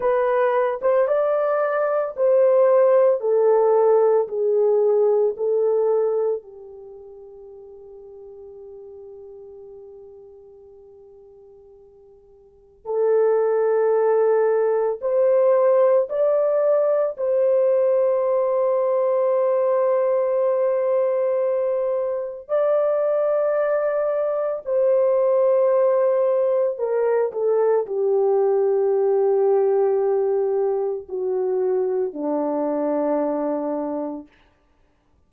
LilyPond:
\new Staff \with { instrumentName = "horn" } { \time 4/4 \tempo 4 = 56 b'8. c''16 d''4 c''4 a'4 | gis'4 a'4 g'2~ | g'1 | a'2 c''4 d''4 |
c''1~ | c''4 d''2 c''4~ | c''4 ais'8 a'8 g'2~ | g'4 fis'4 d'2 | }